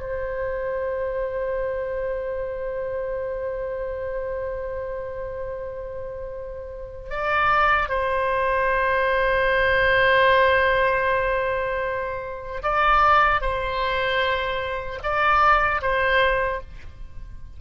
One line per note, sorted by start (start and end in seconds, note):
0.00 7.10 C5
7.10 7.89 D5
7.89 12.62 C5
12.63 13.41 D5
13.41 14.99 C5
15.04 15.82 D5
15.82 16.61 C5